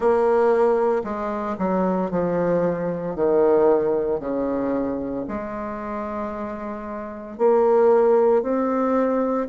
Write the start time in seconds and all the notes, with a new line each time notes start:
0.00 A#3
1.03 G#3
1.58 F#3
2.11 F3
3.15 D#3
4.20 C#3
5.28 G#3
7.38 A#3
8.42 C4